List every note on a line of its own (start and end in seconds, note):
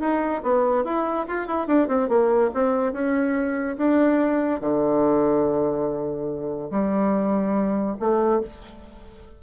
0.00 0.42 D#4
0.43 0.84 B3
0.84 1.26 E4
1.28 1.47 F4
1.47 1.67 E4
1.67 1.88 D4
1.88 2.09 C4
2.09 2.51 A#3
2.54 2.93 C4
2.93 3.76 C#4
3.77 4.61 D4
4.61 6.70 D3
6.71 7.97 G3
7.99 8.41 A3